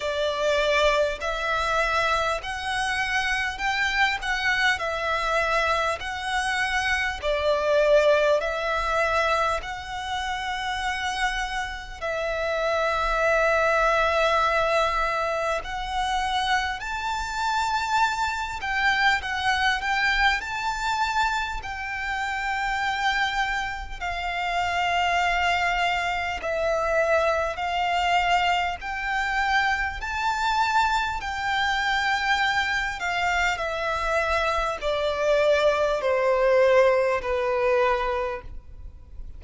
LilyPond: \new Staff \with { instrumentName = "violin" } { \time 4/4 \tempo 4 = 50 d''4 e''4 fis''4 g''8 fis''8 | e''4 fis''4 d''4 e''4 | fis''2 e''2~ | e''4 fis''4 a''4. g''8 |
fis''8 g''8 a''4 g''2 | f''2 e''4 f''4 | g''4 a''4 g''4. f''8 | e''4 d''4 c''4 b'4 | }